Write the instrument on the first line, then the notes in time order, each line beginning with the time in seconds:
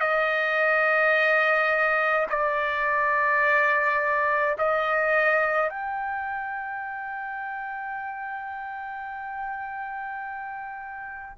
trumpet
0.00 D#5
2.30 D5
4.58 D#5
5.70 G5